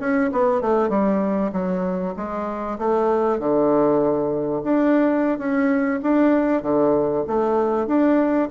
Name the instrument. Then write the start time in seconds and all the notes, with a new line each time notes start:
bassoon
0.00 C#4
0.32 B3
0.61 A3
0.89 G3
1.52 F#3
2.16 G#3
2.79 A3
3.39 D3
4.64 D4
5.38 C#4
6.02 D4
6.62 D3
7.27 A3
7.87 D4